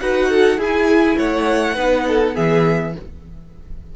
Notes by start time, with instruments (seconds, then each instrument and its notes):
0.00 cello D#4, viola F#4, violin B4 F#5
0.29 violin A4
0.57 cello E4, viola E4, violin G#4 G#5
1.17 cello A3, violin C#5 F#5
1.74 cello B3, viola D#4, violin B4
2.07 violin A4
2.34 cello E3, viola B3, violin G#4 E5